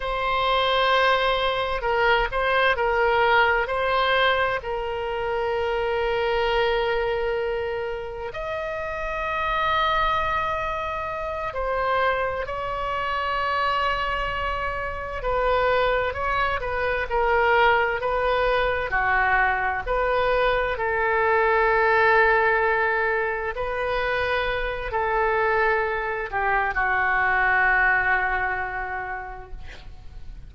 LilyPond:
\new Staff \with { instrumentName = "oboe" } { \time 4/4 \tempo 4 = 65 c''2 ais'8 c''8 ais'4 | c''4 ais'2.~ | ais'4 dis''2.~ | dis''8 c''4 cis''2~ cis''8~ |
cis''8 b'4 cis''8 b'8 ais'4 b'8~ | b'8 fis'4 b'4 a'4.~ | a'4. b'4. a'4~ | a'8 g'8 fis'2. | }